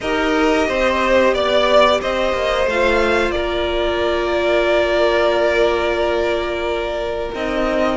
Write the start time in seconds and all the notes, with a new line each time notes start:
0.00 D#4 G4 A#4 D#5
0.67 C4 C5
1.33 B3 D5
2.01 C4 C5 D#5
2.32 A#3
2.65 A3 F4 F5
3.29 A#3 D5
3.36 A#4
7.33 C4 D#4 D#5